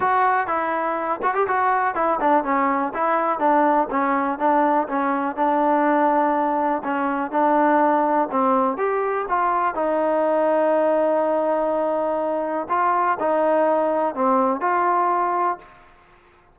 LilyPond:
\new Staff \with { instrumentName = "trombone" } { \time 4/4 \tempo 4 = 123 fis'4 e'4. fis'16 g'16 fis'4 | e'8 d'8 cis'4 e'4 d'4 | cis'4 d'4 cis'4 d'4~ | d'2 cis'4 d'4~ |
d'4 c'4 g'4 f'4 | dis'1~ | dis'2 f'4 dis'4~ | dis'4 c'4 f'2 | }